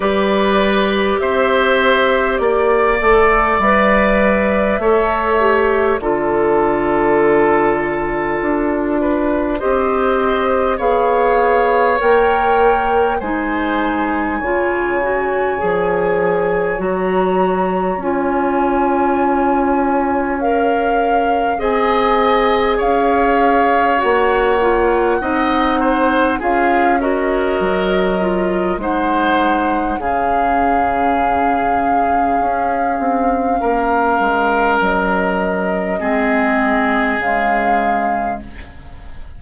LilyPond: <<
  \new Staff \with { instrumentName = "flute" } { \time 4/4 \tempo 4 = 50 d''4 e''4 d''4 e''4~ | e''4 d''2. | dis''4 f''4 g''4 gis''4~ | gis''2 ais''4 gis''4~ |
gis''4 f''4 gis''4 f''4 | fis''2 f''8 dis''4. | fis''4 f''2.~ | f''4 dis''2 f''4 | }
  \new Staff \with { instrumentName = "oboe" } { \time 4/4 b'4 c''4 d''2 | cis''4 a'2~ a'8 b'8 | c''4 cis''2 c''4 | cis''1~ |
cis''2 dis''4 cis''4~ | cis''4 dis''8 c''8 gis'8 ais'4. | c''4 gis'2. | ais'2 gis'2 | }
  \new Staff \with { instrumentName = "clarinet" } { \time 4/4 g'2~ g'8 a'8 b'4 | a'8 g'8 f'2. | g'4 gis'4 ais'4 dis'4 | f'8 fis'8 gis'4 fis'4 f'4~ |
f'4 ais'4 gis'2 | fis'8 f'8 dis'4 f'8 fis'4 f'8 | dis'4 cis'2.~ | cis'2 c'4 gis4 | }
  \new Staff \with { instrumentName = "bassoon" } { \time 4/4 g4 c'4 ais8 a8 g4 | a4 d2 d'4 | c'4 b4 ais4 gis4 | cis4 f4 fis4 cis'4~ |
cis'2 c'4 cis'4 | ais4 c'4 cis'4 fis4 | gis4 cis2 cis'8 c'8 | ais8 gis8 fis4 gis4 cis4 | }
>>